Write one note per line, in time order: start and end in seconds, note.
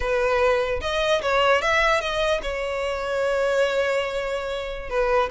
0.00 0.80 B4
0.81 1.21 D#5
1.21 1.61 C#5
1.61 2.00 E5
2.00 2.40 D#5
2.42 4.89 C#5
4.89 5.29 B4